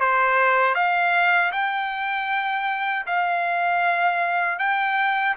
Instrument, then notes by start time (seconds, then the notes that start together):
trumpet
0.00 C5
0.75 F5
1.52 G5
3.07 F5
4.59 G5